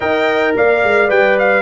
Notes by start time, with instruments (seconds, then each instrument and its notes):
0.00 tuba D#4, trombone A#4, horn D#5, trumpet G5
0.56 tuba A#3, horn D5, trumpet F5
0.83 tuba G#3
1.08 tuba G3, trombone B4, trumpet G5
1.38 trumpet F5